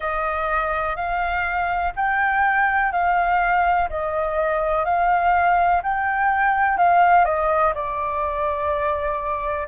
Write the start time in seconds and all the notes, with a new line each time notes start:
0.00 D#5
0.95 F5
1.96 G5
2.92 F5
3.89 D#5
4.84 F5
5.82 G5
6.77 F5
7.24 D#5
7.74 D5